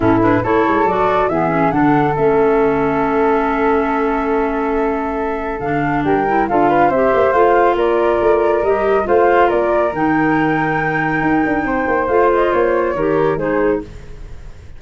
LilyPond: <<
  \new Staff \with { instrumentName = "flute" } { \time 4/4 \tempo 4 = 139 a'8 b'8 cis''4 d''4 e''4 | fis''4 e''2.~ | e''1~ | e''4 f''4 g''4 f''4 |
e''4 f''4 d''2 | dis''4 f''4 d''4 g''4~ | g''1 | f''8 dis''8 cis''2 c''4 | }
  \new Staff \with { instrumentName = "flute" } { \time 4/4 e'4 a'2 gis'4 | a'1~ | a'1~ | a'2 ais'4 a'8 b'8 |
c''2 ais'2~ | ais'4 c''4 ais'2~ | ais'2. c''4~ | c''2 ais'4 gis'4 | }
  \new Staff \with { instrumentName = "clarinet" } { \time 4/4 cis'8 d'8 e'4 fis'4 b8 cis'8 | d'4 cis'2.~ | cis'1~ | cis'4 d'4. e'8 f'4 |
g'4 f'2. | g'4 f'2 dis'4~ | dis'1 | f'2 g'4 dis'4 | }
  \new Staff \with { instrumentName = "tuba" } { \time 4/4 a,4 a8 gis8 fis4 e4 | d4 a2.~ | a1~ | a4 d4 g4 d'4 |
c'8 ais8 a4 ais4 a4 | g4 a4 ais4 dis4~ | dis2 dis'8 d'8 c'8 ais8 | a4 ais4 dis4 gis4 | }
>>